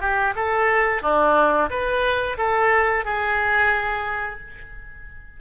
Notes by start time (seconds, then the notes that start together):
0.00 G4
0.35 A4
1.02 D4
1.70 B4
2.37 A4
3.05 G#4